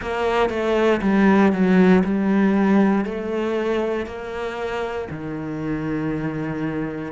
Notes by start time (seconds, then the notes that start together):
0.01 A#3
0.49 A3
1.01 G3
1.52 F#3
2.03 G3
3.04 A3
4.06 A#3
5.10 D#3